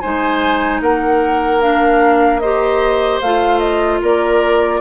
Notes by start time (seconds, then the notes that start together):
0.00 G#3 D#4 C5 G#5
0.81 A#3 A#4 F#5
1.61 D4 F5
2.39 G4 C5 D#5
3.21 A3 F4 F5
3.59 D#5
4.02 A#3 A#4 D5